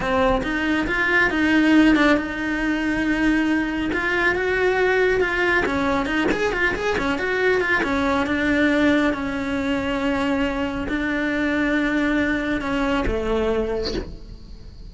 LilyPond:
\new Staff \with { instrumentName = "cello" } { \time 4/4 \tempo 4 = 138 c'4 dis'4 f'4 dis'4~ | dis'8 d'8 dis'2.~ | dis'4 f'4 fis'2 | f'4 cis'4 dis'8 gis'8 f'8 gis'8 |
cis'8 fis'4 f'8 cis'4 d'4~ | d'4 cis'2.~ | cis'4 d'2.~ | d'4 cis'4 a2 | }